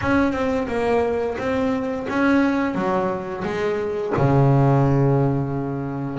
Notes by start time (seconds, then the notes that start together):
0.01 C#4
0.32 C4
0.67 A#3
1.38 C4
2.09 C#4
2.74 F#3
3.44 G#3
4.16 C#3